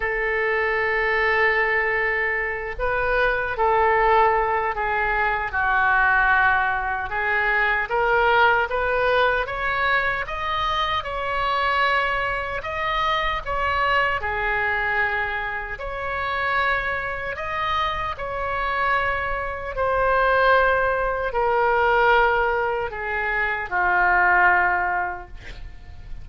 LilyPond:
\new Staff \with { instrumentName = "oboe" } { \time 4/4 \tempo 4 = 76 a'2.~ a'8 b'8~ | b'8 a'4. gis'4 fis'4~ | fis'4 gis'4 ais'4 b'4 | cis''4 dis''4 cis''2 |
dis''4 cis''4 gis'2 | cis''2 dis''4 cis''4~ | cis''4 c''2 ais'4~ | ais'4 gis'4 f'2 | }